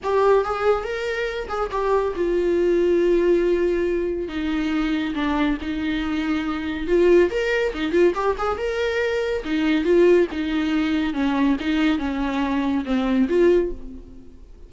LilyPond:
\new Staff \with { instrumentName = "viola" } { \time 4/4 \tempo 4 = 140 g'4 gis'4 ais'4. gis'8 | g'4 f'2.~ | f'2 dis'2 | d'4 dis'2. |
f'4 ais'4 dis'8 f'8 g'8 gis'8 | ais'2 dis'4 f'4 | dis'2 cis'4 dis'4 | cis'2 c'4 f'4 | }